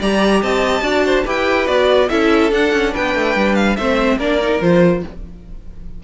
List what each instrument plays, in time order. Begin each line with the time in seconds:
0.00 cello G3, viola G4, violin D5 A#5
0.42 cello C4, violin D#5 A5
0.82 cello D4, viola F#4, violin D5
1.06 violin C5
1.24 cello E4, viola G4, violin B4 G5
1.66 cello B3, viola F#4, violin D5
2.09 cello C#4, viola E4, violin A4 E5
2.51 viola D4, cello D4, violin F#5
2.73 cello C#4
2.92 cello B3, violin B4 G5
3.15 cello A3
3.36 cello G3
3.55 violin F5
3.76 cello A3, viola C4, violin C5 E5
4.17 cello A#3, viola D4, violin A#4 D5
4.41 viola D#4
4.61 cello F3, viola F4, violin C5